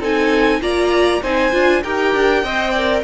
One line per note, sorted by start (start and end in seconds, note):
0.00 0.61 C4
0.00 0.61 D#4
0.00 0.61 A4
0.00 0.62 G#5
0.61 1.22 A#3
0.61 1.22 F4
0.61 1.22 D5
0.61 1.23 A#5
1.22 1.53 C4
1.22 1.52 D#4
1.22 1.83 C5
1.22 1.83 G#5
1.52 1.84 D4
1.52 1.82 F4
1.83 2.15 D#4
1.83 2.45 G4
1.83 2.44 A#4
1.83 3.04 G5
2.15 2.43 D4
2.43 3.04 C4
2.43 2.76 C5
2.43 2.71 D#5
2.71 3.04 A#4
2.71 3.01 D5